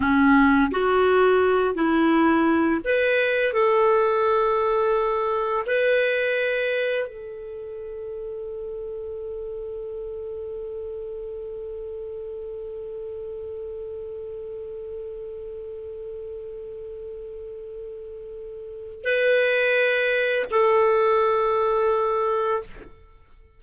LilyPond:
\new Staff \with { instrumentName = "clarinet" } { \time 4/4 \tempo 4 = 85 cis'4 fis'4. e'4. | b'4 a'2. | b'2 a'2~ | a'1~ |
a'1~ | a'1~ | a'2. b'4~ | b'4 a'2. | }